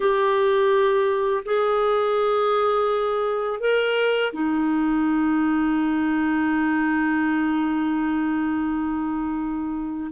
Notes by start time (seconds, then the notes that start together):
0.00 G4
1.45 G#4
3.59 A#4
4.32 D#4